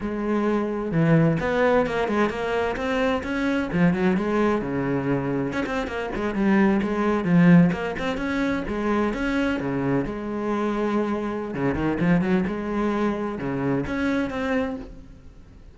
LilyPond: \new Staff \with { instrumentName = "cello" } { \time 4/4 \tempo 4 = 130 gis2 e4 b4 | ais8 gis8 ais4 c'4 cis'4 | f8 fis8 gis4 cis2 | cis'16 c'8 ais8 gis8 g4 gis4 f16~ |
f8. ais8 c'8 cis'4 gis4 cis'16~ | cis'8. cis4 gis2~ gis16~ | gis4 cis8 dis8 f8 fis8 gis4~ | gis4 cis4 cis'4 c'4 | }